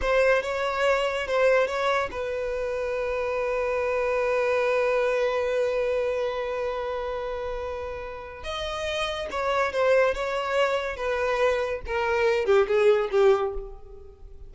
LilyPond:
\new Staff \with { instrumentName = "violin" } { \time 4/4 \tempo 4 = 142 c''4 cis''2 c''4 | cis''4 b'2.~ | b'1~ | b'1~ |
b'1 | dis''2 cis''4 c''4 | cis''2 b'2 | ais'4. g'8 gis'4 g'4 | }